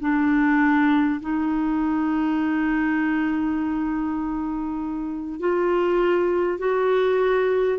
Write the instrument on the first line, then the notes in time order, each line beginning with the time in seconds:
clarinet
0.00 D4
1.21 D#4
5.39 F4
6.59 F#4